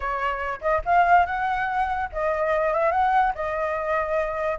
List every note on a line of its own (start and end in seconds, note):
0.00 0.60 C#5
0.61 0.81 D#5
0.85 1.26 F5
1.26 2.09 F#5
2.12 2.73 D#5
2.73 2.91 E5
2.91 3.33 F#5
3.34 4.58 D#5